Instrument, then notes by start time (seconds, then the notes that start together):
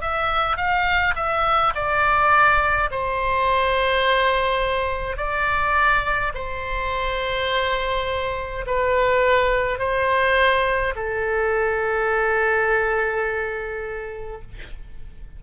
oboe
0.00 E5
0.57 F5
1.15 E5
1.74 D5
2.91 C5
5.17 D5
6.34 C5
8.66 B4
9.78 C5
10.95 A4